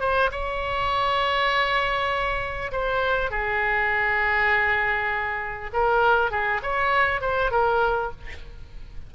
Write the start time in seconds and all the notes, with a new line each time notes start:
0.00 C5
0.31 C#5
2.71 C5
3.30 G#4
5.73 A#4
6.31 G#4
6.62 C#5
7.21 C5
7.51 A#4